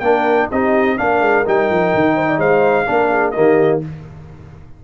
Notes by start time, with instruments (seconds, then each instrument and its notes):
0.00 tuba A#3, trombone D4, horn A#4, trumpet G5
0.51 tuba C4, trombone D#4, horn G4, trumpet D#5
0.98 tuba A#3, trombone D4, horn A#4, trumpet F5
1.21 tuba G#3
1.46 tuba G3, trombone D#4, trumpet G5
1.70 tuba F3
1.95 tuba D#3
2.16 horn C5
2.28 horn D5
2.38 tuba G#3, horn C5, trumpet F5
2.86 tuba A#3, trombone D4, horn A#4
3.10 horn G#4
3.31 tuba D#3, trombone A#3, horn G4, trumpet D#5